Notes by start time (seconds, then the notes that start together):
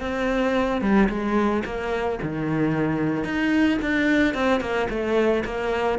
0.00 C4
0.81 G3
1.09 G#3
1.65 A#3
2.22 D#3
3.24 D#4
3.82 D4
4.34 C4
4.60 A#3
4.89 A3
5.45 A#3